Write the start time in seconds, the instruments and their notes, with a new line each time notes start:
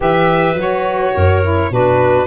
0.00 tuba E3, saxophone G4, clarinet B4, violin E5
0.54 tuba F#3, saxophone F#4
0.60 violin C#5
1.15 tuba F#2, clarinet A#4
1.42 saxophone E4
1.70 tuba B2, saxophone D4, clarinet F#4, violin B4